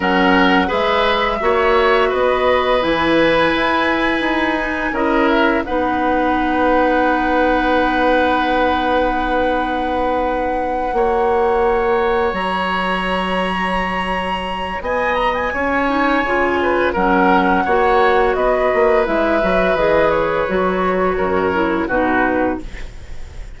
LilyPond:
<<
  \new Staff \with { instrumentName = "flute" } { \time 4/4 \tempo 4 = 85 fis''4 e''2 dis''4 | gis''2. dis''8 e''8 | fis''1~ | fis''1~ |
fis''4. ais''2~ ais''8~ | ais''4 gis''8 ais''16 gis''2~ gis''16 | fis''2 dis''4 e''4 | dis''8 cis''2~ cis''8 b'4 | }
  \new Staff \with { instrumentName = "oboe" } { \time 4/4 ais'4 b'4 cis''4 b'4~ | b'2. ais'4 | b'1~ | b'2.~ b'8 cis''8~ |
cis''1~ | cis''4 dis''4 cis''4. b'8 | ais'4 cis''4 b'2~ | b'2 ais'4 fis'4 | }
  \new Staff \with { instrumentName = "clarinet" } { \time 4/4 cis'4 gis'4 fis'2 | e'2~ e'8 dis'8 e'4 | dis'1~ | dis'2.~ dis'8 fis'8~ |
fis'1~ | fis'2~ fis'8 dis'8 f'4 | cis'4 fis'2 e'8 fis'8 | gis'4 fis'4. e'8 dis'4 | }
  \new Staff \with { instrumentName = "bassoon" } { \time 4/4 fis4 gis4 ais4 b4 | e4 e'4 dis'4 cis'4 | b1~ | b2.~ b8 ais8~ |
ais4. fis2~ fis8~ | fis4 b4 cis'4 cis4 | fis4 ais4 b8 ais8 gis8 fis8 | e4 fis4 fis,4 b,4 | }
>>